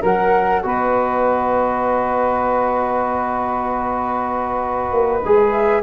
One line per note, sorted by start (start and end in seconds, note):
0.00 0.64 F#3
0.00 0.61 A#4
0.00 0.62 A#4
0.00 0.62 F#5
0.62 4.92 B3
0.62 5.22 F#4
0.62 5.82 B4
0.62 5.51 D#5
4.92 5.22 A#3
5.24 5.82 G#3
5.24 5.82 G#4
5.51 5.82 E5